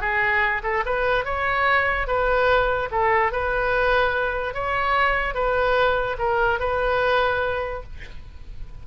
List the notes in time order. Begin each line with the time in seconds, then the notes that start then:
0.00 G#4
0.63 A4
0.85 B4
1.24 C#5
2.07 B4
2.91 A4
3.32 B4
4.54 C#5
5.34 B4
6.18 A#4
6.59 B4